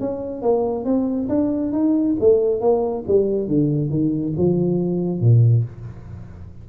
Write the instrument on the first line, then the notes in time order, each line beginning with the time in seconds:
tuba
0.00 C#4
0.42 A#3
0.85 C4
1.29 D4
1.72 D#4
2.20 A3
2.61 A#3
3.07 G3
3.47 D3
3.90 D#3
4.37 F3
5.20 A#2